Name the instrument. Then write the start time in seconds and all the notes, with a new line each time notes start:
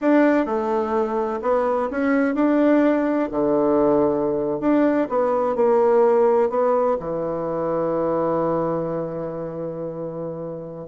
bassoon
0.01 D4
0.45 A3
1.42 B3
1.90 C#4
2.34 D4
3.31 D3
4.60 D4
5.09 B3
5.55 A#3
6.49 B3
6.99 E3